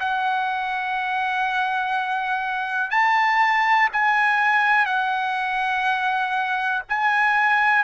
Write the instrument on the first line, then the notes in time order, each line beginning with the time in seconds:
trumpet
0.00 F#5
2.91 A5
3.93 G#5
4.86 F#5
6.89 G#5